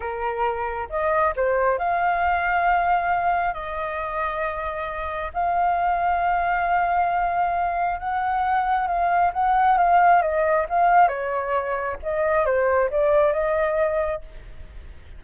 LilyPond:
\new Staff \with { instrumentName = "flute" } { \time 4/4 \tempo 4 = 135 ais'2 dis''4 c''4 | f''1 | dis''1 | f''1~ |
f''2 fis''2 | f''4 fis''4 f''4 dis''4 | f''4 cis''2 dis''4 | c''4 d''4 dis''2 | }